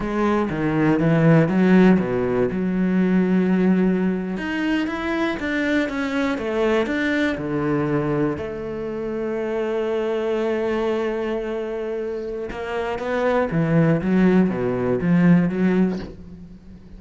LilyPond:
\new Staff \with { instrumentName = "cello" } { \time 4/4 \tempo 4 = 120 gis4 dis4 e4 fis4 | b,4 fis2.~ | fis8. dis'4 e'4 d'4 cis'16~ | cis'8. a4 d'4 d4~ d16~ |
d8. a2.~ a16~ | a1~ | a4 ais4 b4 e4 | fis4 b,4 f4 fis4 | }